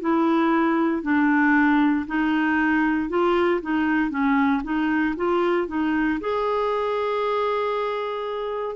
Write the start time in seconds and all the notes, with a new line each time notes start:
0.00 E4
1.02 D4
2.06 D#4
3.09 F4
3.61 D#4
4.10 C#4
4.63 D#4
5.16 F4
5.68 D#4
6.20 G#4